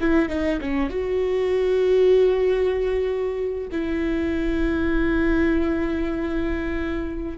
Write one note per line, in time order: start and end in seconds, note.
0.00 0.28 E4
0.28 0.59 D#4
0.60 0.89 C#4
0.89 3.67 F#4
3.71 7.37 E4